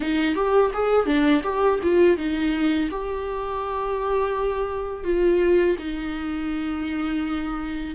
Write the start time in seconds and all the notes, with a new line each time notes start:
0.00 D#4
0.35 G4
0.73 G#4
1.05 D4
1.43 G4
1.82 F4
2.17 D#4
2.90 G4
5.04 F4
5.78 D#4